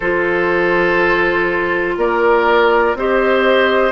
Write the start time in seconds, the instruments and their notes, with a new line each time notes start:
0.00 bassoon F3, clarinet F4, oboe A4, flute C5
1.97 bassoon A#3, oboe A#4, flute D5
2.94 bassoon C4, clarinet G4, oboe C5, flute D#5